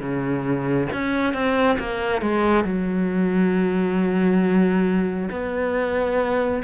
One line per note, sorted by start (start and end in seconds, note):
0.00 0.88 C#3
0.93 1.34 C#4
1.34 1.78 C4
1.79 2.22 A#3
2.22 2.65 G#3
2.65 5.29 F#3
5.31 6.63 B3